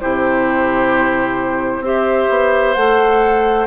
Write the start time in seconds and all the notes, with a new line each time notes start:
0.00 C3 E4 G4 C5
1.80 C4 G4 C5 E5
2.29 B3
2.74 A3 A4 F#5